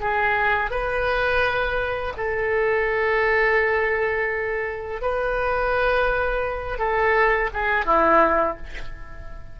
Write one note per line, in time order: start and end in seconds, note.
0.00 0.71 G#4
0.71 2.14 B4
2.17 5.01 A4
5.01 6.79 B4
6.79 7.50 A4
7.54 7.86 G#4
7.86 8.57 E4